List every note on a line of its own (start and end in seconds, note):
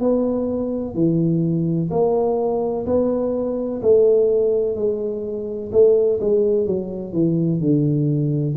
0.00 0.94 B3
0.94 1.90 E3
1.90 2.85 A#3
2.86 3.81 B3
3.82 4.75 A3
4.75 5.71 G#3
5.71 6.19 A3
6.20 6.66 G#3
6.66 7.13 F#3
7.13 7.60 E3
7.60 8.55 D3